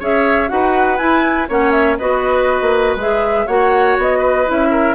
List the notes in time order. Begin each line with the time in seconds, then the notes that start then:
0.00 C#4 G#4 C#5 E5
0.49 D#4 F#4 B4 F#5
0.98 E4 G#5
1.49 A#3 C#4 C#5 F#5
1.72 E5
1.98 B3 F#4 B4 D#5
2.62 A#3
2.96 G#3 G#4 E5
3.47 A#3 F#4 C#5 F#5
3.98 B3 D#5
4.19 B4
4.46 C#4 E4 E5
4.71 A#4